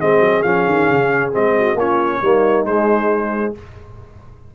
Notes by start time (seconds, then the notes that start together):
0.00 G#3 C4 G#4 D#5
0.20 F#3
0.42 F3 C#4 F5
0.67 D#3
0.89 C#3
1.32 G#3 C4 D#5
1.58 F#4
1.74 A#3 C#4 F4 C#5
2.21 G3 A#3 D#4
2.65 G#3 C5